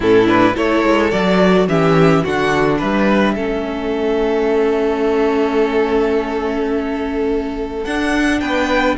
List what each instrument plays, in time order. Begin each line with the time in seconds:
0.00 cello A2, viola C#4, violin E4 A4
0.25 viola D4, violin B4
0.54 cello A3, viola E4, violin A4 C#5
0.84 cello G#3
1.10 cello F#3, viola F#4, violin D5
1.67 cello E3, viola C#4, violin G4 E5
2.23 cello D3, viola D4, violin F#4 F#5
2.78 cello G3, violin B4 E5
3.35 cello A3, viola C#4, violin A4
7.84 cello D4, viola D4, violin F#5
8.40 cello B3, violin B4 G5